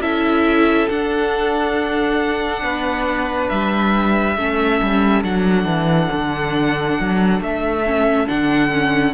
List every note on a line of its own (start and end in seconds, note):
0.00 0.87 C#4
0.00 0.89 E4
0.00 2.63 A4
0.00 0.89 E5
0.89 4.37 D4
0.89 2.62 D4
0.89 3.49 F#5
2.62 3.49 B3
2.62 4.37 B4
3.49 4.38 G3
3.49 5.23 E5
4.37 4.81 A3
4.37 5.23 C#4
4.37 9.14 A4
4.82 5.24 G3
5.23 5.65 F#3
5.23 7.84 D4
5.23 7.41 F#5
5.65 6.09 E3
6.12 6.99 D3
7.00 7.40 F#3
7.40 8.27 A3
7.40 8.28 E5
7.86 8.27 C#4
8.27 9.14 D3
8.27 8.70 D4
8.27 9.14 F#5
8.70 9.14 C#4